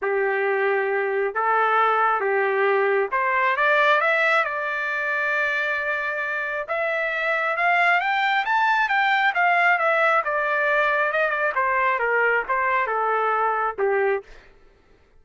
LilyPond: \new Staff \with { instrumentName = "trumpet" } { \time 4/4 \tempo 4 = 135 g'2. a'4~ | a'4 g'2 c''4 | d''4 e''4 d''2~ | d''2. e''4~ |
e''4 f''4 g''4 a''4 | g''4 f''4 e''4 d''4~ | d''4 dis''8 d''8 c''4 ais'4 | c''4 a'2 g'4 | }